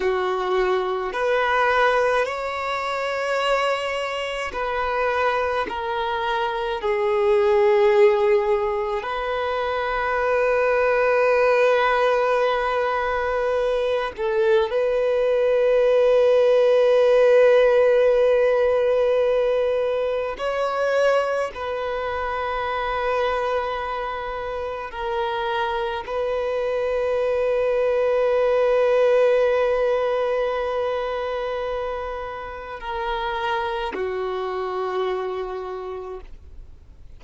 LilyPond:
\new Staff \with { instrumentName = "violin" } { \time 4/4 \tempo 4 = 53 fis'4 b'4 cis''2 | b'4 ais'4 gis'2 | b'1~ | b'8 a'8 b'2.~ |
b'2 cis''4 b'4~ | b'2 ais'4 b'4~ | b'1~ | b'4 ais'4 fis'2 | }